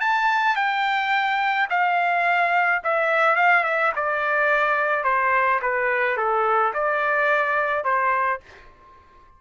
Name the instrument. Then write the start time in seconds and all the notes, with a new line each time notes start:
trumpet
0.00 A5
0.55 G5
1.69 F5
2.83 E5
3.35 F5
3.63 E5
3.96 D5
5.04 C5
5.62 B4
6.17 A4
6.73 D5
7.84 C5